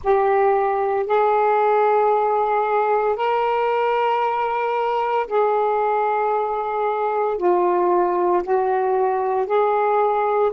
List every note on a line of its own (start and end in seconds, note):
0.03 1.06 G4
1.06 3.16 G#4
3.16 5.26 A#4
5.27 7.37 G#4
7.37 8.42 F4
8.43 9.46 F#4
9.46 10.51 G#4